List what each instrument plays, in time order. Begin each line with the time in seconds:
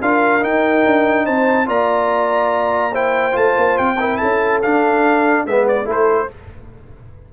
0.00 tuba D4, trombone F4, horn A#4, trumpet F5
0.40 trombone D#4, tuba D#4, trumpet G5
0.85 tuba D4
1.25 tuba C4, horn C5, trumpet A5
1.66 tuba A#3, trombone F4, horn D5, trumpet A#5
2.92 trombone E4, horn C5, trumpet G5
3.31 tuba A3, trombone F4, trumpet A5
3.57 tuba A#3
3.77 tuba C4, trumpet G5
3.99 trombone E4, horn A#4
4.17 tuba C#4, horn A4, trumpet A5
4.62 tuba D4, trombone D4, trumpet F5
5.46 tuba G#3, trombone B3, horn B4, trumpet E5
5.67 trumpet D5
5.85 tuba A3, trombone E4, horn A4, trumpet C5